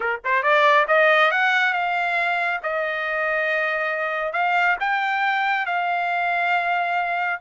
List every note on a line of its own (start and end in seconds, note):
0.00 0.19 A#4
0.24 0.42 C5
0.42 0.86 D5
0.87 1.31 D#5
1.31 1.73 F#5
1.73 2.60 F5
2.62 4.33 D#5
4.33 4.76 F5
4.80 5.66 G5
5.66 7.40 F5